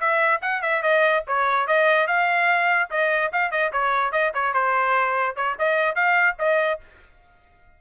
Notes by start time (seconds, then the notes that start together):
0.00 E5
0.42 F#5
0.62 E5
0.83 D#5
1.27 C#5
1.67 D#5
2.07 F5
2.90 D#5
3.33 F5
3.51 D#5
3.72 C#5
4.12 D#5
4.34 C#5
4.54 C5
5.36 C#5
5.59 D#5
5.95 F5
6.39 D#5